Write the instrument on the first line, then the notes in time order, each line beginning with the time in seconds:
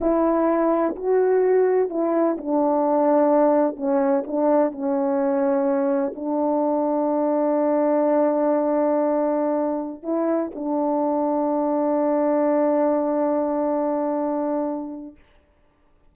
horn
0.00 E4
0.95 F#4
1.89 E4
2.37 D4
3.76 C#4
4.26 D4
4.71 C#4
6.15 D4
10.02 E4
10.55 D4